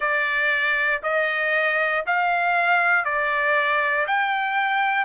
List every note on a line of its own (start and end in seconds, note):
0.00 1.01 D5
1.03 2.04 D#5
2.06 3.05 F5
3.05 4.06 D5
4.07 5.05 G5